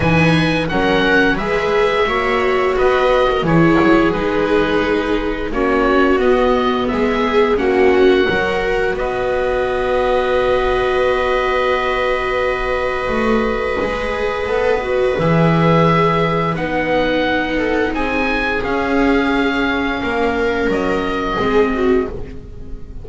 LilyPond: <<
  \new Staff \with { instrumentName = "oboe" } { \time 4/4 \tempo 4 = 87 gis''4 fis''4 e''2 | dis''4 cis''4 b'2 | cis''4 dis''4 e''4 fis''4~ | fis''4 dis''2.~ |
dis''1~ | dis''2 e''2 | fis''2 gis''4 f''4~ | f''2 dis''2 | }
  \new Staff \with { instrumentName = "viola" } { \time 4/4 b'4 ais'4 b'4 cis''4 | b'8. ais'16 gis'2. | fis'2 gis'4 fis'4 | ais'4 b'2.~ |
b'1~ | b'1~ | b'4. a'8 gis'2~ | gis'4 ais'2 gis'8 fis'8 | }
  \new Staff \with { instrumentName = "viola" } { \time 4/4 dis'4 cis'4 gis'4 fis'4~ | fis'4 e'4 dis'2 | cis'4 b2 cis'4 | fis'1~ |
fis'1 | gis'4 a'8 fis'8 gis'2 | dis'2. cis'4~ | cis'2. c'4 | }
  \new Staff \with { instrumentName = "double bass" } { \time 4/4 e4 fis4 gis4 ais4 | b4 e8 fis8 gis2 | ais4 b4 gis4 ais4 | fis4 b2.~ |
b2. a4 | gis4 b4 e2 | b2 c'4 cis'4~ | cis'4 ais4 fis4 gis4 | }
>>